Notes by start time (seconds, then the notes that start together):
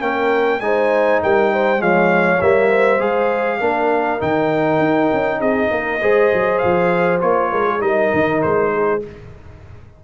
0.00 A#3 C#4 A#4 G5
0.60 G#3 D#4 C5 G#5
1.23 G3 A#4 G5
1.53 C5
1.77 F3 G#3 C#5 F5
2.41 G3 A#3 E5
2.68 C5
2.99 G#3 G#4 F5
3.60 A#3 D4 A#4
4.19 D#3 D#4 G5
4.79 D#4
5.13 C#4
5.40 C4 G#4 D#5
5.71 A#3 A#4
6.01 G#3 G#4 C5
6.33 F#3
6.58 F3 F5
7.20 A#3 F4 C#5
7.51 G#3 A#4
7.66 G#4
7.79 G3 D#4 A#4 D#5
8.13 D#3
8.42 G#3 C5
8.73 G#4